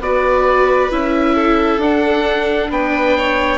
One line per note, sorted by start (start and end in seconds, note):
0.00 0.90 B3
0.00 0.90 F#4
0.00 1.35 B4
0.00 0.91 D5
0.90 1.78 C#4
0.90 1.80 E4
0.90 1.81 E5
1.35 2.69 A4
1.78 2.67 D4
1.78 3.58 D4
1.78 2.71 F#5
2.70 3.58 B3
2.70 3.17 B4
2.70 3.58 G5
3.17 3.58 C#5